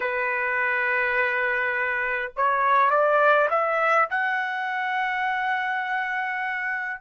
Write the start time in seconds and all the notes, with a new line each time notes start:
0.00 B4
2.36 C#5
2.90 D5
3.50 E5
4.09 F#5